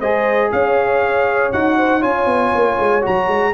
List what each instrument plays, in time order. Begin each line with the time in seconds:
0.00 tuba G#3, trombone G#4, horn C5, trumpet D#5
0.52 tuba C#4, horn C#5, trumpet F5
1.52 tuba D#4, trombone F#4, trumpet F#5
1.77 horn C5
1.99 tuba C#4, trombone F4, horn C#5, trumpet G#5
2.26 tuba B3
2.55 tuba A#3
2.79 tuba G#3
3.01 tuba F#3, trombone F#4, trumpet A#5
3.27 tuba G#3